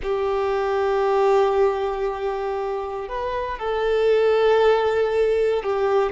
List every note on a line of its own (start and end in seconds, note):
0.02 3.08 G4
3.08 3.58 B4
3.58 5.63 A4
5.63 6.12 G4